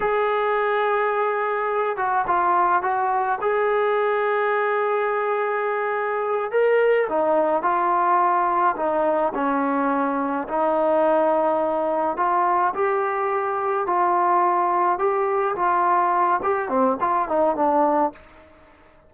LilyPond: \new Staff \with { instrumentName = "trombone" } { \time 4/4 \tempo 4 = 106 gis'2.~ gis'8 fis'8 | f'4 fis'4 gis'2~ | gis'2.~ gis'8 ais'8~ | ais'8 dis'4 f'2 dis'8~ |
dis'8 cis'2 dis'4.~ | dis'4. f'4 g'4.~ | g'8 f'2 g'4 f'8~ | f'4 g'8 c'8 f'8 dis'8 d'4 | }